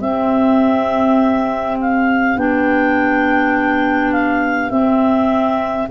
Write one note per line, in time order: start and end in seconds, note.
0.00 2.36 C4
0.00 5.90 G4
0.00 1.76 E5
1.80 2.38 F5
2.36 4.70 B3
2.36 4.70 D4
2.36 4.12 G5
4.12 4.70 F5
4.70 5.87 C4
4.70 5.88 C4
4.70 5.87 E5